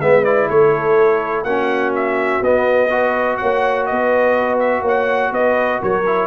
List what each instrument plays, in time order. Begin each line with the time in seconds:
0.00 tuba G#3, trombone B3, horn B4, trumpet E5
0.25 trombone E4, trumpet D5
0.49 tuba A3, horn A4, trumpet C#5
1.44 tuba A#3, trombone C#4, horn F#4, trumpet F#5
1.95 trumpet E5
2.41 tuba B3, trombone B3, trumpet D#5
2.90 trombone F#4, horn B4
3.37 tuba A#3, horn C#5, trumpet F#5
3.86 tuba B3, horn B4, trumpet D#5
4.60 trumpet E5
4.82 tuba A#3, horn C#5, trumpet F#5
5.32 tuba B3, horn B4, trumpet D#5
5.81 tuba F#3, horn A#4, trumpet C#5
6.07 trombone E4